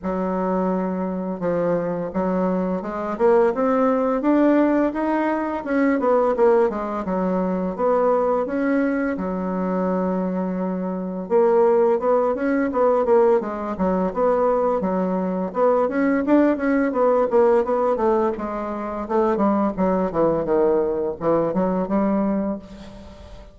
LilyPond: \new Staff \with { instrumentName = "bassoon" } { \time 4/4 \tempo 4 = 85 fis2 f4 fis4 | gis8 ais8 c'4 d'4 dis'4 | cis'8 b8 ais8 gis8 fis4 b4 | cis'4 fis2. |
ais4 b8 cis'8 b8 ais8 gis8 fis8 | b4 fis4 b8 cis'8 d'8 cis'8 | b8 ais8 b8 a8 gis4 a8 g8 | fis8 e8 dis4 e8 fis8 g4 | }